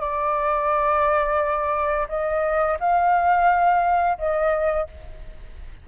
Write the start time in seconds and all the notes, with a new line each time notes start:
0.00 D5
2.08 D#5
2.80 F5
4.18 D#5